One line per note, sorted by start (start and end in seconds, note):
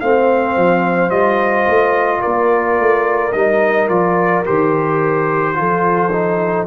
0.00 0.56 A3
0.00 1.09 C4
0.00 2.20 C5
0.00 1.10 F5
0.56 1.10 F3
1.09 1.65 G3
1.09 3.32 F4
1.09 2.21 D#5
1.67 2.22 A3
2.20 2.79 A#3
2.20 5.54 A#4
2.20 3.32 D5
2.79 3.34 A3
3.32 3.89 G3
3.32 3.88 D#4
3.32 3.88 D#5
3.88 4.44 F3
3.88 4.44 F4
3.88 4.44 D5
4.45 5.59 D#3
4.45 5.54 G4
4.45 6.67 C5
5.54 6.67 F3
5.54 6.10 F4
5.54 6.67 A4
6.12 6.67 D#4